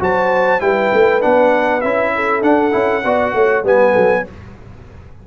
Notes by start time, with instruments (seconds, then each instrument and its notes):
0.00 tuba F#3, trombone F#4, horn C5, trumpet A5
0.60 tuba G3, trombone E4, horn B4, trumpet G5
0.93 tuba A3
1.21 tuba B3, trombone D4, trumpet F#5
1.81 tuba C#4, trombone E4, trumpet E5
2.15 horn A4
2.42 tuba D4, trombone D4, trumpet F#5
2.71 tuba C#4, trombone E4
3.04 tuba B3, trombone F#4, horn D5
3.33 tuba A3, horn C#5
3.64 tuba G3, trombone B3, horn B4, trumpet G#5
3.92 tuba F#3, horn A4